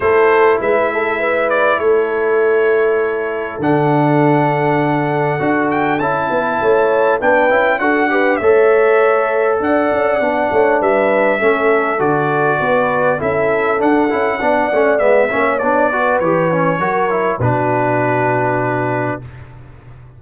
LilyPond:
<<
  \new Staff \with { instrumentName = "trumpet" } { \time 4/4 \tempo 4 = 100 c''4 e''4. d''8 cis''4~ | cis''2 fis''2~ | fis''4. g''8 a''2 | g''4 fis''4 e''2 |
fis''2 e''2 | d''2 e''4 fis''4~ | fis''4 e''4 d''4 cis''4~ | cis''4 b'2. | }
  \new Staff \with { instrumentName = "horn" } { \time 4/4 a'4 b'8 a'8 b'4 a'4~ | a'1~ | a'2~ a'8 b'8 cis''4 | b'4 a'8 b'8 cis''2 |
d''4. cis''8 b'4 a'4~ | a'4 b'4 a'2 | d''4. cis''4 b'4. | ais'4 fis'2. | }
  \new Staff \with { instrumentName = "trombone" } { \time 4/4 e'1~ | e'2 d'2~ | d'4 fis'4 e'2 | d'8 e'8 fis'8 g'8 a'2~ |
a'4 d'2 cis'4 | fis'2 e'4 d'8 e'8 | d'8 cis'8 b8 cis'8 d'8 fis'8 g'8 cis'8 | fis'8 e'8 d'2. | }
  \new Staff \with { instrumentName = "tuba" } { \time 4/4 a4 gis2 a4~ | a2 d2~ | d4 d'4 cis'8 b8 a4 | b8 cis'8 d'4 a2 |
d'8 cis'8 b8 a8 g4 a4 | d4 b4 cis'4 d'8 cis'8 | b8 a8 gis8 ais8 b4 e4 | fis4 b,2. | }
>>